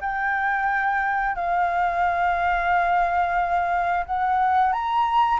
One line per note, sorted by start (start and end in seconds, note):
0.00 1.35 G5
1.35 4.05 F5
4.05 4.72 F#5
4.72 5.40 A#5